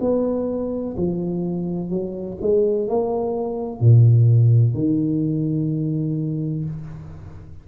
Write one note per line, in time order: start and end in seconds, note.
0.00 0.95 B3
0.97 1.89 F3
1.89 2.37 F#3
2.41 2.87 G#3
2.87 3.80 A#3
3.80 4.74 A#2
4.74 6.65 D#3